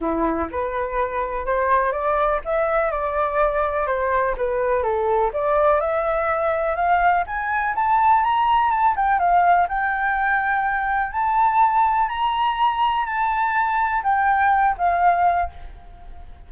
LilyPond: \new Staff \with { instrumentName = "flute" } { \time 4/4 \tempo 4 = 124 e'4 b'2 c''4 | d''4 e''4 d''2 | c''4 b'4 a'4 d''4 | e''2 f''4 gis''4 |
a''4 ais''4 a''8 g''8 f''4 | g''2. a''4~ | a''4 ais''2 a''4~ | a''4 g''4. f''4. | }